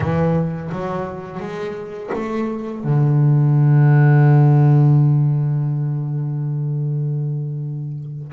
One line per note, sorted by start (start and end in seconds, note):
0.00 0.70 E3
0.71 1.40 F#3
1.40 2.10 G#3
2.13 2.84 A3
2.84 8.31 D3